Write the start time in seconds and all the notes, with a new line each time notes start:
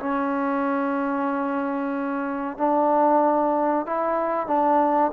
0.00 C#4
2.58 D4
3.87 E4
4.48 D4